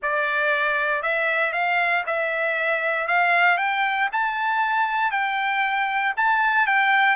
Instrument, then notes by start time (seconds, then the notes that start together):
trumpet
0.02 D5
1.02 E5
1.52 F5
2.06 E5
3.07 F5
3.57 G5
4.12 A5
5.11 G5
6.16 A5
6.66 G5